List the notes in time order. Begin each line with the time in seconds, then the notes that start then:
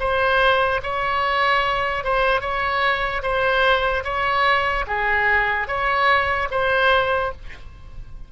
0.00 C5
0.83 C#5
2.05 C5
2.41 C#5
3.23 C5
4.04 C#5
4.88 G#4
5.68 C#5
6.51 C5